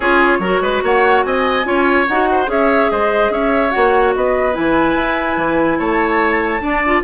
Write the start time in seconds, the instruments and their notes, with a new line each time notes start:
0.00 bassoon C#4, clarinet F4, oboe G#4, flute C#5
0.39 bassoon F#3, clarinet F#4, oboe A#4
0.60 bassoon G#3, oboe B4
0.82 bassoon A#3, oboe C#5, flute F#5
1.23 bassoon C4, oboe D#5, flute G#5
1.64 bassoon C#4, clarinet F4, oboe C#5
2.07 bassoon D#4, clarinet F#4, flute F#5
2.31 oboe C5
2.45 bassoon C#4, clarinet G#4, oboe C#5, flute E5
2.90 bassoon G#3, oboe C5, flute D#5
3.30 bassoon C#4, oboe C#5, flute E5
3.70 bassoon A#3, clarinet F#4, flute F#5
4.15 bassoon B3, oboe B4, flute D#5
4.52 bassoon E3, clarinet E4, flute G#5
4.94 bassoon E4
5.36 bassoon E3
5.78 bassoon A3, oboe C#5, flute A5
6.60 bassoon D4, clarinet D4, oboe D5
6.85 clarinet F4